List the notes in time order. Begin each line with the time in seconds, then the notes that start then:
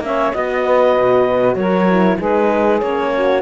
0.00 A#3 C#4 C#5 E5
0.32 B3 F#4 D#5
0.63 B4
0.97 B2
1.55 F#3 A#4 C#5
1.89 E4
2.18 G#3 D#4 G#4 B4
2.80 A#3 C#4 C#5
3.15 F#4